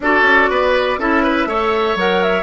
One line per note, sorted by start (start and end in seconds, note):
0.00 0.22 D4
0.00 0.99 F#4
0.00 0.50 A4
0.00 0.99 D5
0.22 0.47 C#4
0.50 0.98 B3
0.50 0.99 B4
0.98 1.46 C#4
0.98 1.48 E4
0.98 1.23 A4
0.98 1.97 E5
1.23 1.48 B4
1.46 1.95 A3
1.46 1.97 A4
1.46 2.43 C#5
1.95 2.43 F#3
1.95 2.43 A#4
1.95 2.22 F#5
2.22 2.43 E5